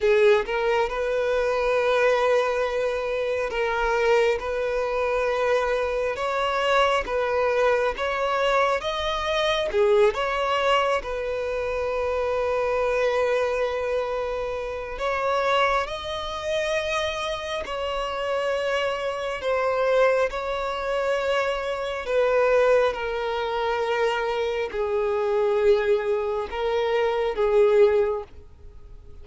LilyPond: \new Staff \with { instrumentName = "violin" } { \time 4/4 \tempo 4 = 68 gis'8 ais'8 b'2. | ais'4 b'2 cis''4 | b'4 cis''4 dis''4 gis'8 cis''8~ | cis''8 b'2.~ b'8~ |
b'4 cis''4 dis''2 | cis''2 c''4 cis''4~ | cis''4 b'4 ais'2 | gis'2 ais'4 gis'4 | }